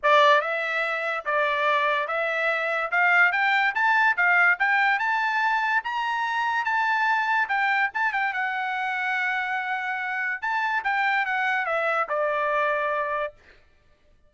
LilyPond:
\new Staff \with { instrumentName = "trumpet" } { \time 4/4 \tempo 4 = 144 d''4 e''2 d''4~ | d''4 e''2 f''4 | g''4 a''4 f''4 g''4 | a''2 ais''2 |
a''2 g''4 a''8 g''8 | fis''1~ | fis''4 a''4 g''4 fis''4 | e''4 d''2. | }